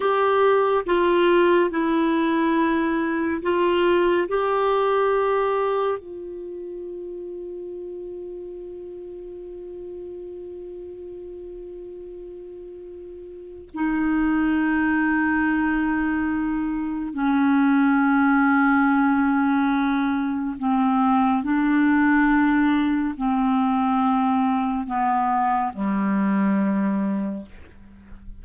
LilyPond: \new Staff \with { instrumentName = "clarinet" } { \time 4/4 \tempo 4 = 70 g'4 f'4 e'2 | f'4 g'2 f'4~ | f'1~ | f'1 |
dis'1 | cis'1 | c'4 d'2 c'4~ | c'4 b4 g2 | }